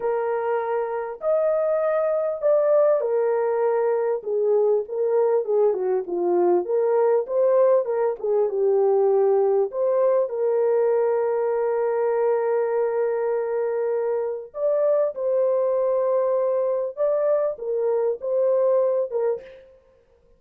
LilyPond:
\new Staff \with { instrumentName = "horn" } { \time 4/4 \tempo 4 = 99 ais'2 dis''2 | d''4 ais'2 gis'4 | ais'4 gis'8 fis'8 f'4 ais'4 | c''4 ais'8 gis'8 g'2 |
c''4 ais'2.~ | ais'1 | d''4 c''2. | d''4 ais'4 c''4. ais'8 | }